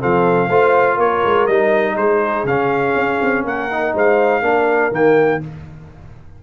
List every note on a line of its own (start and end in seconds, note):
0.00 0.49 F3
0.00 0.49 C4
0.00 0.49 A4
0.00 0.99 F5
0.49 0.98 A3
0.49 1.49 F4
0.49 0.95 C5
0.95 1.23 A#3
0.95 1.93 A#4
0.95 1.47 C#5
1.25 1.48 G#3
1.47 1.97 G3
1.47 2.47 D#4
1.47 1.96 D#5
1.97 2.44 G#3
1.97 3.46 G#4
1.97 2.46 C5
2.44 2.93 C#3
2.44 3.70 C#4
2.44 3.45 F5
2.96 3.20 C#4
3.22 3.44 C4
3.44 3.93 A#3
3.44 3.93 A#4
3.44 3.95 F#5
3.70 4.43 D#4
3.93 4.41 G#3
3.93 4.43 C5
3.93 4.94 F5
4.41 4.91 A#3
4.41 4.92 D4
4.41 5.42 A#4
4.91 5.40 D#3
4.91 5.41 A#3
4.91 5.43 G5